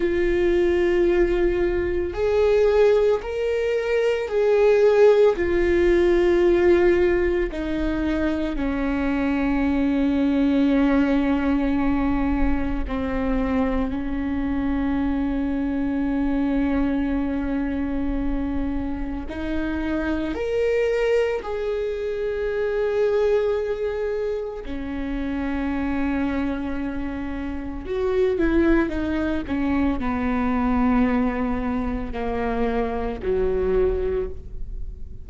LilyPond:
\new Staff \with { instrumentName = "viola" } { \time 4/4 \tempo 4 = 56 f'2 gis'4 ais'4 | gis'4 f'2 dis'4 | cis'1 | c'4 cis'2.~ |
cis'2 dis'4 ais'4 | gis'2. cis'4~ | cis'2 fis'8 e'8 dis'8 cis'8 | b2 ais4 fis4 | }